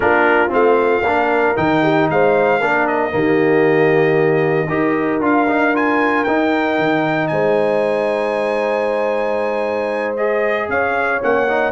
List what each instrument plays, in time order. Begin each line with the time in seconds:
0.00 tuba A#3, trombone D4, horn F4, trumpet A#4
0.48 tuba A3, trombone C4, trumpet F5
1.01 tuba A#3, trombone D4, horn A#4
1.55 tuba D#3, trombone D#4, trumpet G5
1.82 horn G4
2.09 tuba G#3, horn C5, trumpet F5
2.60 tuba A#3, trombone D4, horn A#4
2.87 trumpet D#5
3.10 tuba D#3, trombone A#3, horn G4
4.68 tuba D#4, trombone G4, horn A#4
5.20 tuba D4, trombone F4, trumpet F5
5.48 trombone D#4
5.74 trombone F4, trumpet G#5
6.24 tuba D#4, trombone D#4, trumpet G5
6.78 tuba D#3
7.27 tuba G#3, horn C5, trumpet G#5
10.16 trombone G#4, trumpet D#5
10.68 tuba C#4, horn C#5, trumpet F5
11.21 tuba A#3, trombone C#4, trumpet F#5
11.47 trombone D#4